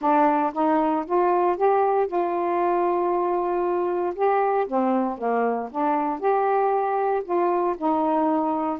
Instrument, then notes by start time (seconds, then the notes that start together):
saxophone
0.01 D4
0.53 D#4
1.06 F4
1.56 G4
2.07 F4
4.15 G4
4.67 C4
5.17 A#3
5.71 D4
6.19 G4
7.24 F4
7.77 D#4